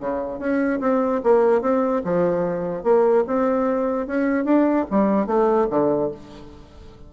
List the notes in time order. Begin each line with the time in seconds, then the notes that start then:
0.00 C#3
0.39 C#4
0.81 C4
1.24 A#3
1.62 C4
2.05 F3
2.84 A#3
3.27 C4
4.07 C#4
4.45 D4
4.91 G3
5.27 A3
5.71 D3